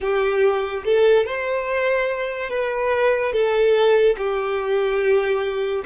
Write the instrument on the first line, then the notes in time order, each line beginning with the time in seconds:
violin
0.00 G4
0.84 A4
1.25 C5
2.49 B4
3.33 A4
4.17 G4